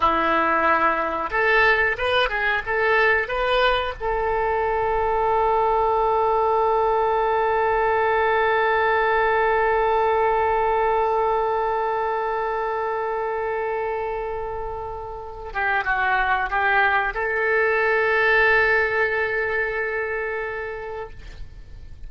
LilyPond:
\new Staff \with { instrumentName = "oboe" } { \time 4/4 \tempo 4 = 91 e'2 a'4 b'8 gis'8 | a'4 b'4 a'2~ | a'1~ | a'1~ |
a'1~ | a'2.~ a'8 g'8 | fis'4 g'4 a'2~ | a'1 | }